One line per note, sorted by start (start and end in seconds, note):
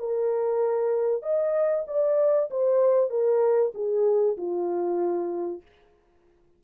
0.00 1.23 A#4
1.23 1.86 D#5
1.88 2.50 D5
2.51 3.10 C5
3.10 3.73 A#4
3.75 4.37 G#4
4.38 5.62 F4